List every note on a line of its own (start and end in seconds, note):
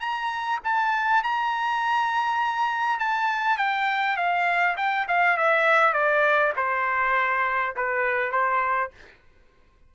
0.00 0.59 A#5
0.64 1.23 A5
1.23 2.99 A#5
2.99 3.58 A5
3.58 4.17 G5
4.17 4.76 F5
4.77 5.07 G5
5.08 5.37 F5
5.37 5.94 E5
5.94 6.53 D5
6.56 7.75 C5
7.76 8.32 B4
8.32 8.91 C5